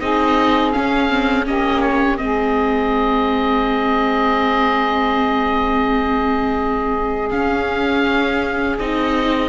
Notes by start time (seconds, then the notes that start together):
0.00 C4 D#4 G#4 D#5
0.72 C#4 F5
1.10 C4
1.45 A#3 C#4 G4 D#5
1.81 C#5
2.17 G#3 C4 G#4 D#5
7.31 C#4 F5
8.79 C4 D#4 D#5